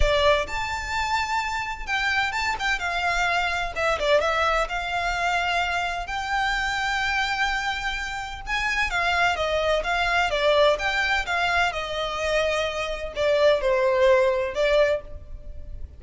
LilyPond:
\new Staff \with { instrumentName = "violin" } { \time 4/4 \tempo 4 = 128 d''4 a''2. | g''4 a''8 g''8 f''2 | e''8 d''8 e''4 f''2~ | f''4 g''2.~ |
g''2 gis''4 f''4 | dis''4 f''4 d''4 g''4 | f''4 dis''2. | d''4 c''2 d''4 | }